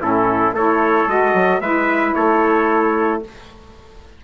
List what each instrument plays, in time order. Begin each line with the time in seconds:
0.00 bassoon A2, saxophone C#4, trumpet E4 A4
0.52 bassoon A3, saxophone E4, trumpet A4 C#5
1.07 bassoon G#3, saxophone F#4, trumpet D#5
1.34 bassoon F#3
1.60 bassoon G#3, saxophone E4, trumpet B4 E5
2.15 bassoon A3, trumpet A4 C#5